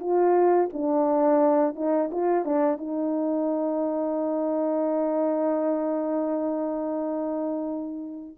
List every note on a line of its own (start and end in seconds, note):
0.00 0.70 F4
0.73 1.76 D4
1.76 2.11 D#4
2.12 2.45 F4
2.45 2.77 D4
2.77 8.36 D#4